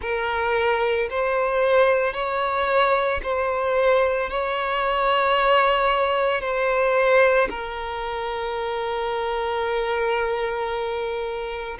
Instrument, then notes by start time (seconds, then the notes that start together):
violin
0.01 A#4
1.10 C5
2.13 C#5
3.22 C5
4.30 C#5
6.40 C5
7.49 A#4